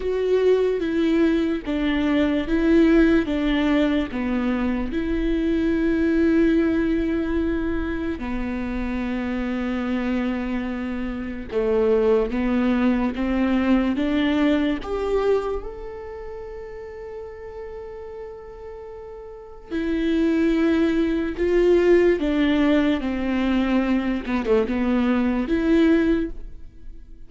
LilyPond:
\new Staff \with { instrumentName = "viola" } { \time 4/4 \tempo 4 = 73 fis'4 e'4 d'4 e'4 | d'4 b4 e'2~ | e'2 b2~ | b2 a4 b4 |
c'4 d'4 g'4 a'4~ | a'1 | e'2 f'4 d'4 | c'4. b16 a16 b4 e'4 | }